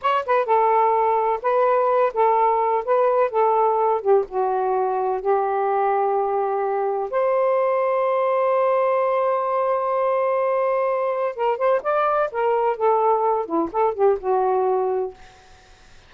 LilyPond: \new Staff \with { instrumentName = "saxophone" } { \time 4/4 \tempo 4 = 127 cis''8 b'8 a'2 b'4~ | b'8 a'4. b'4 a'4~ | a'8 g'8 fis'2 g'4~ | g'2. c''4~ |
c''1~ | c''1 | ais'8 c''8 d''4 ais'4 a'4~ | a'8 e'8 a'8 g'8 fis'2 | }